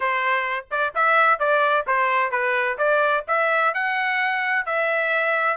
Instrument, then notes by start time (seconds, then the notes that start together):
trumpet
0.00 C5
0.70 D5
0.94 E5
1.39 D5
1.86 C5
2.31 B4
2.78 D5
3.27 E5
3.74 F#5
4.65 E5